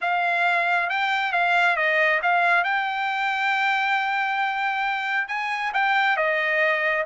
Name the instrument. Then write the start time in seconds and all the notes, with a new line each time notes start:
trumpet
0.01 F5
0.89 G5
1.32 F5
1.76 D#5
2.22 F5
2.64 G5
5.28 G#5
5.73 G5
6.16 D#5